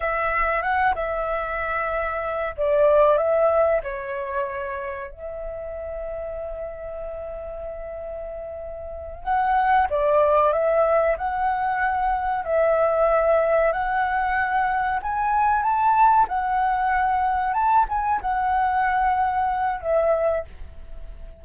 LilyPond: \new Staff \with { instrumentName = "flute" } { \time 4/4 \tempo 4 = 94 e''4 fis''8 e''2~ e''8 | d''4 e''4 cis''2 | e''1~ | e''2~ e''8 fis''4 d''8~ |
d''8 e''4 fis''2 e''8~ | e''4. fis''2 gis''8~ | gis''8 a''4 fis''2 a''8 | gis''8 fis''2~ fis''8 e''4 | }